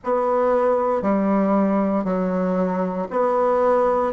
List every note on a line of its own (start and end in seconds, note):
0.03 1.02 B3
1.02 2.04 G3
2.04 3.08 F#3
3.10 4.12 B3